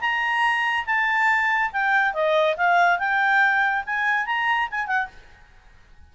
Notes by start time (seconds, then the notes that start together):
0.00 A#5
0.86 A5
1.72 G5
2.13 D#5
2.57 F5
2.98 G5
3.86 G#5
4.26 A#5
4.71 G#5
4.86 F#5